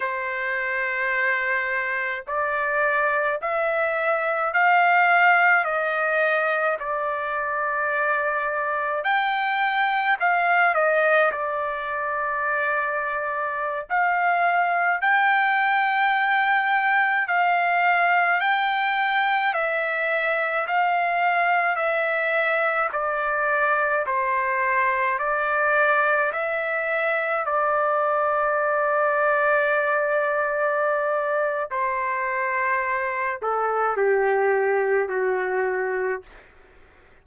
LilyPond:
\new Staff \with { instrumentName = "trumpet" } { \time 4/4 \tempo 4 = 53 c''2 d''4 e''4 | f''4 dis''4 d''2 | g''4 f''8 dis''8 d''2~ | d''16 f''4 g''2 f''8.~ |
f''16 g''4 e''4 f''4 e''8.~ | e''16 d''4 c''4 d''4 e''8.~ | e''16 d''2.~ d''8. | c''4. a'8 g'4 fis'4 | }